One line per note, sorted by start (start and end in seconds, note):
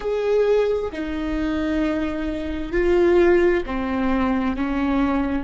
0.00 0.91 G#4
0.92 2.72 D#4
2.72 3.63 F4
3.66 4.56 C4
4.56 5.43 C#4